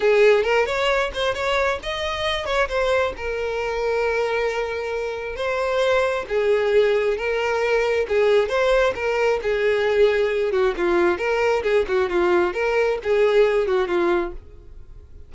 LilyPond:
\new Staff \with { instrumentName = "violin" } { \time 4/4 \tempo 4 = 134 gis'4 ais'8 cis''4 c''8 cis''4 | dis''4. cis''8 c''4 ais'4~ | ais'1 | c''2 gis'2 |
ais'2 gis'4 c''4 | ais'4 gis'2~ gis'8 fis'8 | f'4 ais'4 gis'8 fis'8 f'4 | ais'4 gis'4. fis'8 f'4 | }